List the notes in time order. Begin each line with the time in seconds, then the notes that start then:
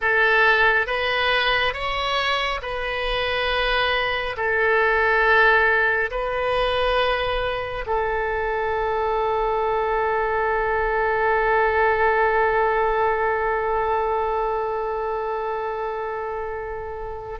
0.01 A4
0.86 B4
1.73 C#5
2.62 B4
4.36 A4
6.10 B4
7.86 A4